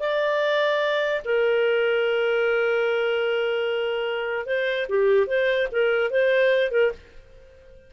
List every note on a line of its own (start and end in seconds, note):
0.00 1.22 D5
1.25 4.46 A#4
4.46 4.87 C5
4.89 5.27 G4
5.27 5.68 C5
5.72 6.10 A#4
6.10 6.71 C5
6.71 6.92 A#4